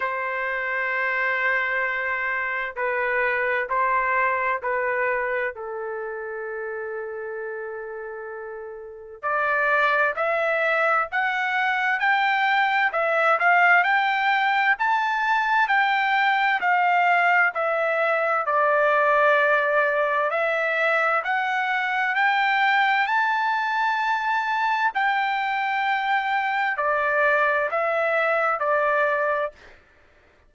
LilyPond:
\new Staff \with { instrumentName = "trumpet" } { \time 4/4 \tempo 4 = 65 c''2. b'4 | c''4 b'4 a'2~ | a'2 d''4 e''4 | fis''4 g''4 e''8 f''8 g''4 |
a''4 g''4 f''4 e''4 | d''2 e''4 fis''4 | g''4 a''2 g''4~ | g''4 d''4 e''4 d''4 | }